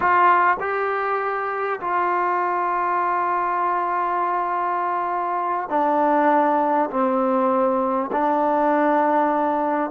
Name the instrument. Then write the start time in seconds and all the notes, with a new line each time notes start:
trombone
0.00 F4
0.60 G4
1.80 F4
5.69 D4
6.90 C4
8.12 D4